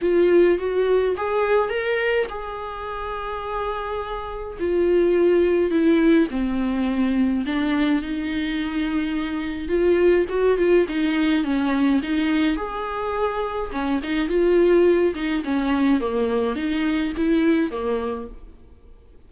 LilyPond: \new Staff \with { instrumentName = "viola" } { \time 4/4 \tempo 4 = 105 f'4 fis'4 gis'4 ais'4 | gis'1 | f'2 e'4 c'4~ | c'4 d'4 dis'2~ |
dis'4 f'4 fis'8 f'8 dis'4 | cis'4 dis'4 gis'2 | cis'8 dis'8 f'4. dis'8 cis'4 | ais4 dis'4 e'4 ais4 | }